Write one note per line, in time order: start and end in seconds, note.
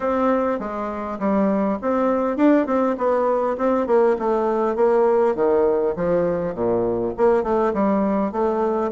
0.00 0.59 C4
0.59 1.18 G#3
1.19 1.78 G3
1.81 2.36 C4
2.36 2.66 D4
2.66 2.96 C4
2.97 3.56 B3
3.57 3.86 C4
3.86 4.16 A#3
4.19 4.75 A3
4.75 5.35 A#3
5.35 5.94 D#3
5.95 6.54 F3
6.54 7.13 A#2
7.17 7.43 A#3
7.43 7.73 A3
7.73 8.31 G3
8.31 8.91 A3